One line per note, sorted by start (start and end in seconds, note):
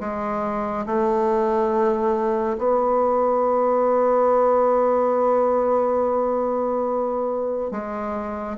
0.00 0.86 G#3
0.86 2.58 A3
2.58 7.71 B3
7.71 8.57 G#3